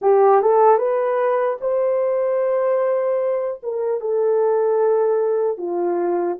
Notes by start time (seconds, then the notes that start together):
0.01 G4
0.41 A4
0.77 B4
1.60 C5
3.62 A#4
4.00 A4
5.57 F4